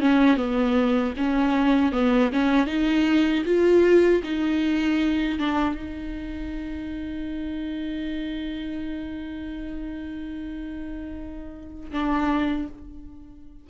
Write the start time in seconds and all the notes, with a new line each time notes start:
0.00 C#4
0.36 B3
1.16 C#4
1.92 B3
2.32 C#4
2.66 D#4
3.45 F4
4.23 D#4
5.38 D4
5.74 D#4
11.91 D4